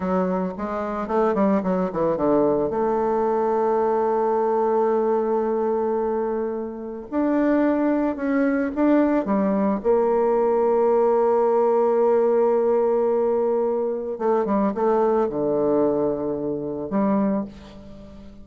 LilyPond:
\new Staff \with { instrumentName = "bassoon" } { \time 4/4 \tempo 4 = 110 fis4 gis4 a8 g8 fis8 e8 | d4 a2.~ | a1~ | a4 d'2 cis'4 |
d'4 g4 ais2~ | ais1~ | ais2 a8 g8 a4 | d2. g4 | }